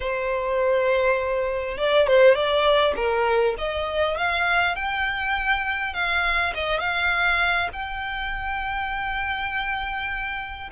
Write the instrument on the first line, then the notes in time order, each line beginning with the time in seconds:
violin
0.00 C5
1.77 D5
2.07 C5
2.34 D5
2.95 A#4
3.58 D#5
4.17 F5
4.75 G5
5.93 F5
6.54 D#5
6.79 F5
7.73 G5